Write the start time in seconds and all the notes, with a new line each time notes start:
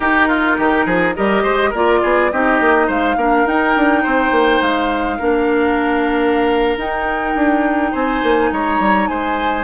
0.00 D#4 G4 A#4
0.28 F4
0.57 D#3 G4
0.85 F3 G#4
1.15 G3 G4 A#4 D#5
1.42 G#3 C5
1.70 A#3 F4 A#4 D5
2.02 B3 G#4
2.31 C4 D#4 G4 D#5
2.60 A#3
2.87 G#3 C5 F5
3.16 A#3 D4 A#4
3.46 D#4 G5
3.76 D4
4.02 C4 C5
4.31 A#3
4.61 G#3 F5
5.18 A#3 D4 A#4
6.76 D#4 G5
7.34 D4
7.91 C4 C5 G#5
8.22 A#3
8.52 G#3 C#5 A#5
8.79 G3
9.07 G#3 C5 G#5